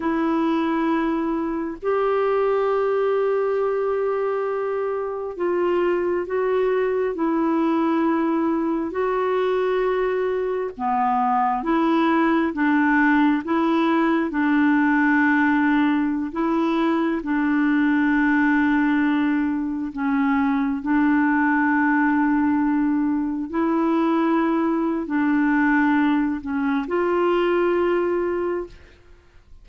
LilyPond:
\new Staff \with { instrumentName = "clarinet" } { \time 4/4 \tempo 4 = 67 e'2 g'2~ | g'2 f'4 fis'4 | e'2 fis'2 | b4 e'4 d'4 e'4 |
d'2~ d'16 e'4 d'8.~ | d'2~ d'16 cis'4 d'8.~ | d'2~ d'16 e'4.~ e'16 | d'4. cis'8 f'2 | }